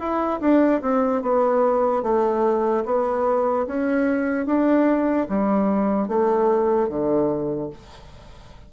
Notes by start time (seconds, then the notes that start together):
0.00 E4
0.41 D4
0.82 C4
1.23 B3
2.03 A3
2.86 B3
3.67 C#4
4.46 D4
5.29 G3
6.08 A3
6.89 D3